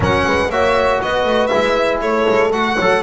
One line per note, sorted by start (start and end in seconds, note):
0.00 0.24 F#3
0.00 0.49 C#4
0.00 0.25 A#4
0.00 0.50 F#5
0.26 0.49 G#3
0.26 0.51 B4
0.49 0.99 A#3
0.49 1.50 F#4
0.49 1.02 C#5
0.49 1.01 E5
1.02 1.24 B3
1.02 2.01 B4
1.02 1.46 D#5
1.24 1.49 A3
1.46 2.51 E4
1.46 1.97 E5
1.53 2.01 G#3
2.01 2.26 A3
2.01 2.75 A4
2.01 2.52 C#5
2.29 2.51 G#3
2.51 2.76 A3
2.51 2.77 F#4
2.51 3.02 F#5
2.75 3.02 F#3
2.75 3.02 A4
2.75 3.00 C#5